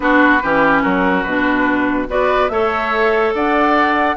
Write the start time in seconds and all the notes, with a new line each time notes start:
0.00 B3 D4 F#4 B4
0.42 E3 C#4 G4
0.82 F#3 F#4 A#4
1.23 B2 D4 B4
2.07 B3 F#4 B4 D5
2.48 A3 A4 C#5 E5
3.34 D4 D5 F#5